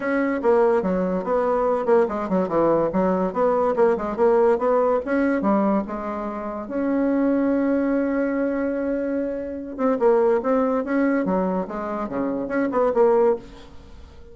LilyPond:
\new Staff \with { instrumentName = "bassoon" } { \time 4/4 \tempo 4 = 144 cis'4 ais4 fis4 b4~ | b8 ais8 gis8 fis8 e4 fis4 | b4 ais8 gis8 ais4 b4 | cis'4 g4 gis2 |
cis'1~ | cis'2.~ cis'8 c'8 | ais4 c'4 cis'4 fis4 | gis4 cis4 cis'8 b8 ais4 | }